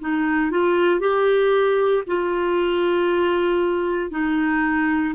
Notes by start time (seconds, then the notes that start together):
0.00 D#4
0.51 F4
1.00 G4
2.07 F4
4.11 D#4